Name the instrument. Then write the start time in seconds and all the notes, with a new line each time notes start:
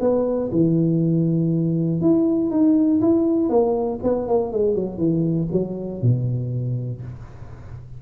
tuba
0.00 B3
0.52 E3
2.01 E4
2.50 D#4
3.01 E4
3.49 A#3
4.03 B3
4.28 A#3
4.52 G#3
4.75 F#3
4.98 E3
5.52 F#3
6.02 B2